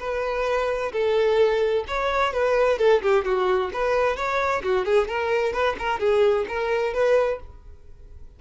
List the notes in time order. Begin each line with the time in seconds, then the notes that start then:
0.00 B4
0.93 A4
1.88 C#5
2.34 B4
2.79 A4
3.03 G4
3.25 F#4
3.73 B4
4.17 C#5
4.64 F#4
4.86 G#4
5.09 A#4
5.53 B4
5.79 A#4
6.00 G#4
6.48 A#4
6.94 B4